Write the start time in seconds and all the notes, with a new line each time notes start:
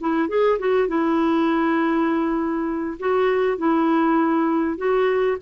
0.00 E4
0.28 G#4
0.59 F#4
0.88 E4
2.99 F#4
3.58 E4
4.77 F#4